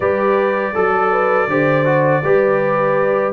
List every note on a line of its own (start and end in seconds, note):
0.00 0.74 G3
0.00 0.74 G4
0.00 0.73 B4
0.00 3.32 D5
0.73 1.47 F#3
0.73 1.10 A4
0.73 1.48 A4
1.11 1.48 B4
1.47 2.21 D3
1.47 1.85 G4
1.47 2.23 C5
1.85 2.22 F#4
2.23 3.33 G3
2.23 3.33 G4
2.23 3.33 B4